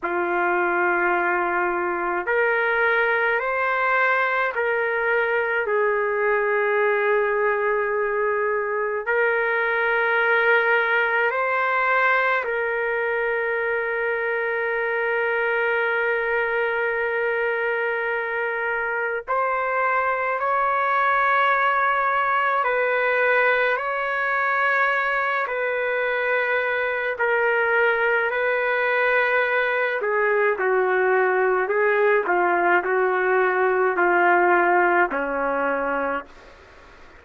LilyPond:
\new Staff \with { instrumentName = "trumpet" } { \time 4/4 \tempo 4 = 53 f'2 ais'4 c''4 | ais'4 gis'2. | ais'2 c''4 ais'4~ | ais'1~ |
ais'4 c''4 cis''2 | b'4 cis''4. b'4. | ais'4 b'4. gis'8 fis'4 | gis'8 f'8 fis'4 f'4 cis'4 | }